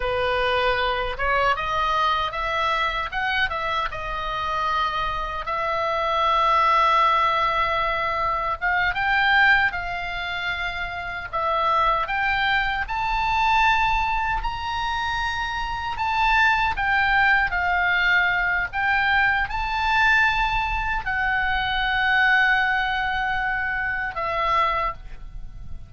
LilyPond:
\new Staff \with { instrumentName = "oboe" } { \time 4/4 \tempo 4 = 77 b'4. cis''8 dis''4 e''4 | fis''8 e''8 dis''2 e''4~ | e''2. f''8 g''8~ | g''8 f''2 e''4 g''8~ |
g''8 a''2 ais''4.~ | ais''8 a''4 g''4 f''4. | g''4 a''2 fis''4~ | fis''2. e''4 | }